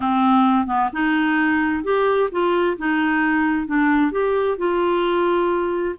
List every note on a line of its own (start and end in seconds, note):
0.00 0.66 C4
0.66 0.89 B3
0.92 1.83 D#4
1.83 2.29 G4
2.31 2.77 F4
2.77 3.66 D#4
3.66 4.11 D4
4.11 4.57 G4
4.57 5.95 F4